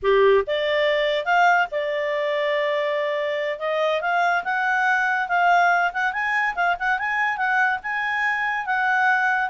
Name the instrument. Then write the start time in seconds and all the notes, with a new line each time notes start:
clarinet
0.02 G4
0.46 D5
1.25 F5
1.71 D5
3.59 D#5
4.01 F5
4.44 F#5
5.28 F5
5.93 F#5
6.12 G#5
6.55 F5
6.79 F#5
6.98 G#5
7.37 F#5
7.82 G#5
8.66 F#5